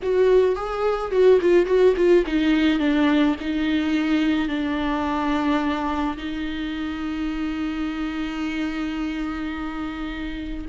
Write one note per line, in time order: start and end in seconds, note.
0.02 0.55 F#4
0.55 1.11 G#4
1.11 1.39 F#4
1.41 1.66 F4
1.66 1.94 F#4
1.96 2.24 F4
2.26 2.79 D#4
2.79 3.35 D4
3.40 4.48 D#4
4.48 6.16 D4
6.17 10.65 D#4